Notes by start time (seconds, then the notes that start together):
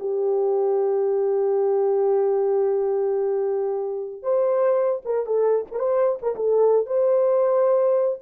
0.00 G4
4.23 C5
5.05 A#4
5.27 A4
5.72 A#4
5.79 C5
6.22 A#4
6.36 A4
6.86 C5